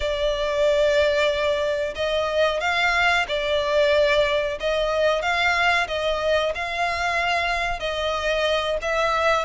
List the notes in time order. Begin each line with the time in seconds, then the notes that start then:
0.00 D5
1.95 D#5
2.60 F5
3.28 D5
4.59 D#5
5.21 F5
5.87 D#5
6.55 F5
7.79 D#5
8.81 E5